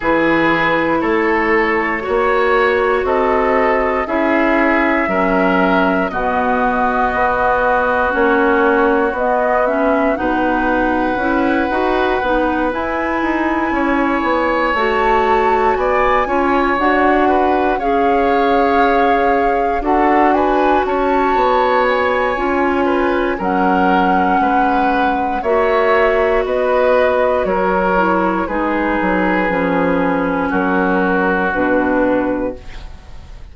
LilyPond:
<<
  \new Staff \with { instrumentName = "flute" } { \time 4/4 \tempo 4 = 59 b'4 cis''2 dis''4 | e''2 dis''2 | cis''4 dis''8 e''8 fis''2~ | fis''8 gis''2 a''4 gis''8~ |
gis''8 fis''4 f''2 fis''8 | gis''8 a''4 gis''4. fis''4~ | fis''4 e''4 dis''4 cis''4 | b'2 ais'4 b'4 | }
  \new Staff \with { instrumentName = "oboe" } { \time 4/4 gis'4 a'4 cis''4 a'4 | gis'4 ais'4 fis'2~ | fis'2 b'2~ | b'4. cis''2 d''8 |
cis''4 b'8 cis''2 a'8 | b'8 cis''2 b'8 ais'4 | b'4 cis''4 b'4 ais'4 | gis'2 fis'2 | }
  \new Staff \with { instrumentName = "clarinet" } { \time 4/4 e'2 fis'2 | e'4 cis'4 b2 | cis'4 b8 cis'8 dis'4 e'8 fis'8 | dis'8 e'2 fis'4. |
f'8 fis'4 gis'2 fis'8~ | fis'2 f'4 cis'4~ | cis'4 fis'2~ fis'8 e'8 | dis'4 cis'2 d'4 | }
  \new Staff \with { instrumentName = "bassoon" } { \time 4/4 e4 a4 ais4 c'4 | cis'4 fis4 b,4 b4 | ais4 b4 b,4 cis'8 dis'8 | b8 e'8 dis'8 cis'8 b8 a4 b8 |
cis'8 d'4 cis'2 d'8~ | d'8 cis'8 b4 cis'4 fis4 | gis4 ais4 b4 fis4 | gis8 fis8 f4 fis4 b,4 | }
>>